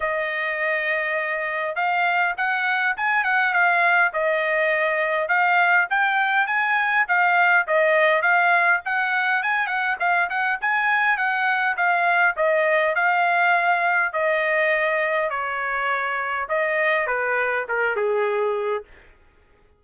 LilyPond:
\new Staff \with { instrumentName = "trumpet" } { \time 4/4 \tempo 4 = 102 dis''2. f''4 | fis''4 gis''8 fis''8 f''4 dis''4~ | dis''4 f''4 g''4 gis''4 | f''4 dis''4 f''4 fis''4 |
gis''8 fis''8 f''8 fis''8 gis''4 fis''4 | f''4 dis''4 f''2 | dis''2 cis''2 | dis''4 b'4 ais'8 gis'4. | }